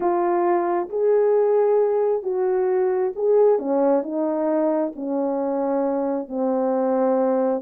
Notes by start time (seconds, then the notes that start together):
0.00 F4
0.89 G#4
2.22 F#4
3.15 G#4
3.58 C#4
4.03 D#4
4.95 C#4
6.27 C4